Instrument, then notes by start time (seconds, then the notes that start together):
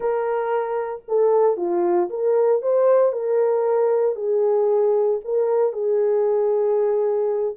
horn
0.00 A#4
1.08 A4
1.57 F4
2.09 A#4
2.62 C5
3.12 A#4
4.15 G#4
5.24 A#4
5.72 G#4